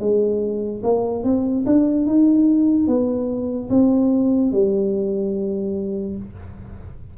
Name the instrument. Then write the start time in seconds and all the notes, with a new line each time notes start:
tuba
0.00 G#3
0.84 A#3
1.24 C4
1.66 D4
2.06 D#4
2.87 B3
3.70 C4
4.52 G3